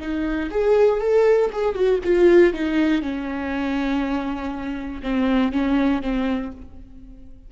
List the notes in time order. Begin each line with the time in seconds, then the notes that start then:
0.00 D#4
0.51 G#4
1.01 A4
1.52 G#4
1.75 F#4
2.04 F4
2.54 D#4
3.02 C#4
5.03 C4
5.52 C#4
6.02 C4